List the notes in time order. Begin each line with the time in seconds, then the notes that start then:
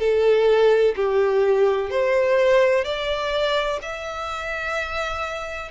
0.00 A4
0.96 G4
1.90 C5
2.84 D5
3.82 E5